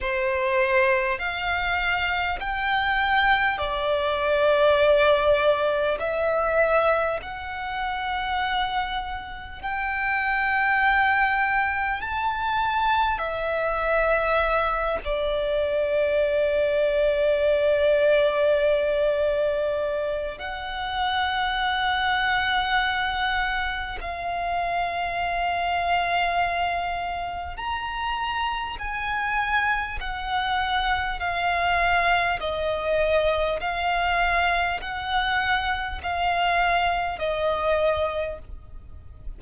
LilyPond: \new Staff \with { instrumentName = "violin" } { \time 4/4 \tempo 4 = 50 c''4 f''4 g''4 d''4~ | d''4 e''4 fis''2 | g''2 a''4 e''4~ | e''8 d''2.~ d''8~ |
d''4 fis''2. | f''2. ais''4 | gis''4 fis''4 f''4 dis''4 | f''4 fis''4 f''4 dis''4 | }